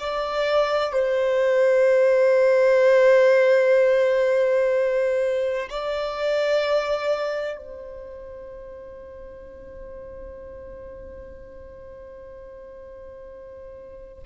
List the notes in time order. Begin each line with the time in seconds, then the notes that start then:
0.00 D5
0.93 C5
5.70 D5
7.57 C5